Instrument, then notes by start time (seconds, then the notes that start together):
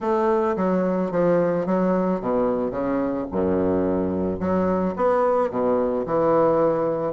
bassoon
0.01 A3
0.56 F#3
1.11 F3
1.66 F#3
2.20 B2
2.70 C#3
3.31 F#2
4.39 F#3
4.96 B3
5.50 B2
6.06 E3